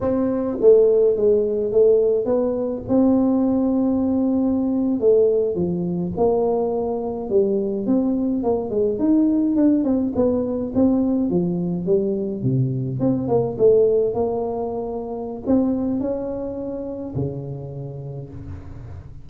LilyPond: \new Staff \with { instrumentName = "tuba" } { \time 4/4 \tempo 4 = 105 c'4 a4 gis4 a4 | b4 c'2.~ | c'8. a4 f4 ais4~ ais16~ | ais8. g4 c'4 ais8 gis8 dis'16~ |
dis'8. d'8 c'8 b4 c'4 f16~ | f8. g4 c4 c'8 ais8 a16~ | a8. ais2~ ais16 c'4 | cis'2 cis2 | }